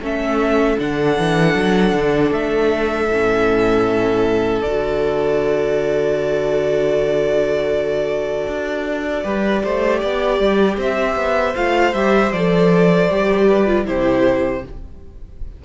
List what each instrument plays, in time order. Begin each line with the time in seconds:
0.00 cello A3, viola C#4, violin A4 E5
0.78 cello D3, viola D4, violin F#5
1.18 cello E3
1.54 cello F#3
1.92 cello D3
2.31 cello A3, violin E5
3.07 cello A2, viola C#4
4.61 cello D3, viola F#4, violin D5
8.47 cello D4
9.23 cello G3, viola G4, violin B4
9.63 cello A3, violin C5
9.99 cello B3, violin D5
10.39 cello G3
10.77 cello C4, violin C5 E5
11.15 cello B3
11.55 cello A3, viola F4, violin F5
11.93 cello G3, viola G4, violin E5
12.31 cello F3, viola A4, violin D5
13.08 cello G3, viola G4
13.47 violin B4
13.66 viola F4
13.84 cello C3, viola E4, violin G4 C5